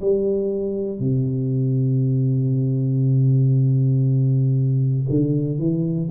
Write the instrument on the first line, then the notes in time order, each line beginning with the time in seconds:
tuba
0.00 G3
0.99 C3
5.09 D3
5.58 E3